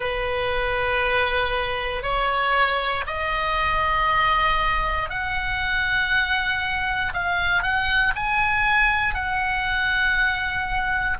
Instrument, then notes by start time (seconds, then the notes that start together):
oboe
0.00 B4
2.02 C#5
3.06 D#5
5.09 F#5
7.13 F5
7.63 F#5
8.15 G#5
9.14 F#5